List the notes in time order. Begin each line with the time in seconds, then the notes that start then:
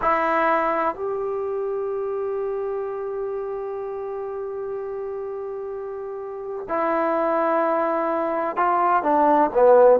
0.01 E4
0.95 G4
6.68 E4
8.56 F4
9.02 D4
9.53 B3